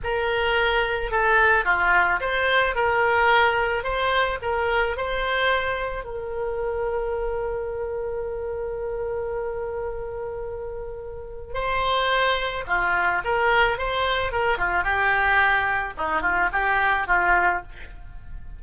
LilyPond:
\new Staff \with { instrumentName = "oboe" } { \time 4/4 \tempo 4 = 109 ais'2 a'4 f'4 | c''4 ais'2 c''4 | ais'4 c''2 ais'4~ | ais'1~ |
ais'1~ | ais'4 c''2 f'4 | ais'4 c''4 ais'8 f'8 g'4~ | g'4 dis'8 f'8 g'4 f'4 | }